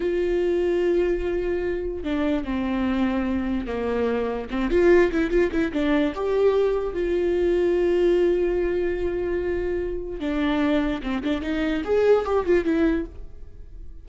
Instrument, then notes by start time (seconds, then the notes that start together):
viola
0.00 F4
2.03 D4
2.44 C4
3.66 A#3
4.50 C4
4.70 F4
5.11 E4
5.30 F4
5.51 E4
5.72 D4
6.14 G4
6.93 F4
10.19 D4
11.02 C4
11.23 D4
11.41 D#4
11.84 G#4
12.25 G4
12.45 F4
12.64 E4